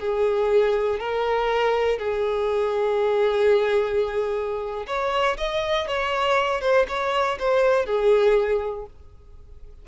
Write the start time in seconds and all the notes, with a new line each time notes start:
0.00 G#4
1.00 A#4
1.99 G#4
4.87 C#5
5.38 D#5
5.88 C#5
6.61 C5
6.88 C#5
7.39 C5
7.86 G#4